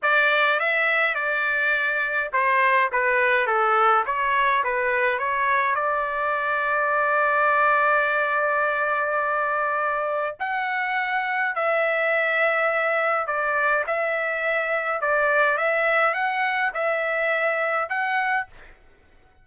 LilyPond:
\new Staff \with { instrumentName = "trumpet" } { \time 4/4 \tempo 4 = 104 d''4 e''4 d''2 | c''4 b'4 a'4 cis''4 | b'4 cis''4 d''2~ | d''1~ |
d''2 fis''2 | e''2. d''4 | e''2 d''4 e''4 | fis''4 e''2 fis''4 | }